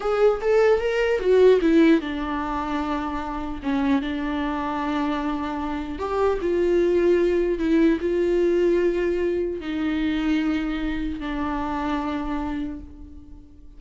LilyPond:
\new Staff \with { instrumentName = "viola" } { \time 4/4 \tempo 4 = 150 gis'4 a'4 ais'4 fis'4 | e'4 d'2.~ | d'4 cis'4 d'2~ | d'2. g'4 |
f'2. e'4 | f'1 | dis'1 | d'1 | }